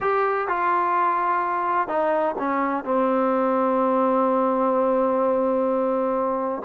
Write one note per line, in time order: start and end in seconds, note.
0.00 0.47 G4
0.48 1.88 F4
1.88 2.35 D#4
2.38 2.84 C#4
2.84 6.62 C4